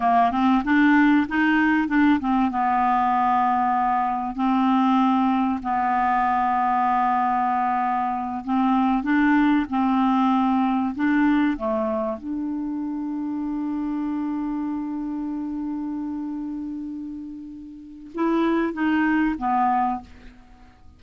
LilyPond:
\new Staff \with { instrumentName = "clarinet" } { \time 4/4 \tempo 4 = 96 ais8 c'8 d'4 dis'4 d'8 c'8 | b2. c'4~ | c'4 b2.~ | b4. c'4 d'4 c'8~ |
c'4. d'4 a4 d'8~ | d'1~ | d'1~ | d'4 e'4 dis'4 b4 | }